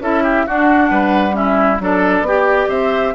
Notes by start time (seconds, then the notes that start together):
0.00 C#4 E4 A4 E5
0.24 G4
0.47 D4 F#4 F#5
0.90 G3 B4
1.32 C#4 E4 E5
1.80 F#3 D4 A4 D5
2.21 B3 G4
2.69 C4 C5 E5